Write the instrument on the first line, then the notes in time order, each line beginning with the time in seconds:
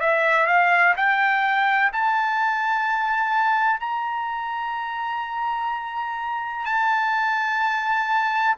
trumpet
0.00 E5
0.47 F5
0.97 G5
1.93 A5
3.80 A#5
6.65 A5